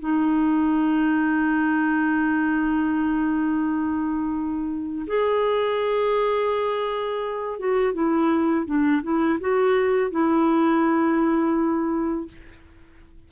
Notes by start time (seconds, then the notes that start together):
0.00 D#4
5.07 G#4
7.59 F#4
7.94 E4
8.66 D4
9.03 E4
9.40 F#4
10.11 E4